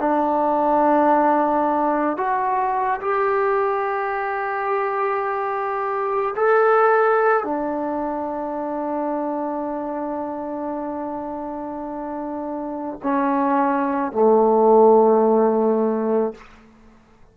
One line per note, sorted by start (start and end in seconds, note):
0.00 2.17 D4
2.17 3.01 F#4
3.02 6.35 G4
6.36 7.44 A4
7.44 13.00 D4
13.04 14.13 C#4
14.13 16.35 A3